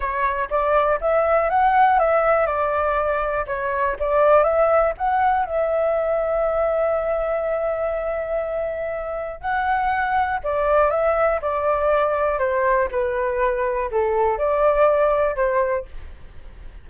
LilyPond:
\new Staff \with { instrumentName = "flute" } { \time 4/4 \tempo 4 = 121 cis''4 d''4 e''4 fis''4 | e''4 d''2 cis''4 | d''4 e''4 fis''4 e''4~ | e''1~ |
e''2. fis''4~ | fis''4 d''4 e''4 d''4~ | d''4 c''4 b'2 | a'4 d''2 c''4 | }